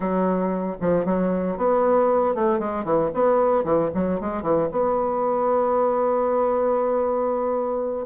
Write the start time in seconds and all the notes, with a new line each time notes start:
0.00 F#3
0.80 F3
1.05 F#3
1.57 B3
2.34 A3
2.59 G#3
2.84 E3
3.14 B3
3.64 E3
3.94 F#3
4.20 G#3
4.42 E3
4.71 B3